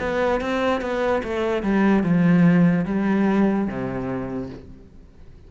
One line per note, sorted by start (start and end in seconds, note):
0.00 0.41 B3
0.41 0.81 C4
0.81 1.23 B3
1.24 1.63 A3
1.63 2.04 G3
2.04 2.86 F3
2.86 3.68 G3
3.68 4.50 C3